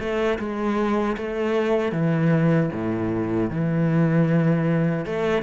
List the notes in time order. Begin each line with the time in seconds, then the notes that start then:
0.00 A3
0.39 G#3
1.18 A3
1.92 E3
2.73 A2
3.51 E3
5.06 A3